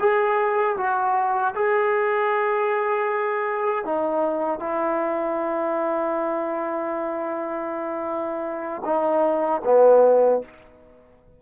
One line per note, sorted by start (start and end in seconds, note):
0.00 0.77 G#4
0.78 1.55 F#4
1.55 3.85 G#4
3.85 4.60 D#4
4.60 8.83 E4
8.85 9.62 D#4
9.65 10.42 B3